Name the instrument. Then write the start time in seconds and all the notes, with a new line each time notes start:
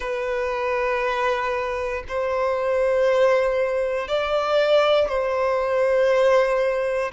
violin
0.00 B4
2.08 C5
4.08 D5
5.08 C5